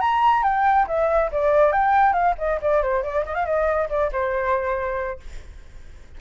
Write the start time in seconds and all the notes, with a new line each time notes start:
0.00 A#5
0.43 G5
0.87 E5
1.31 D5
1.72 G5
2.12 F5
2.38 D#5
2.61 D5
2.82 C5
3.03 D5
3.26 D#5
3.34 F5
3.45 D#5
3.89 D5
4.12 C5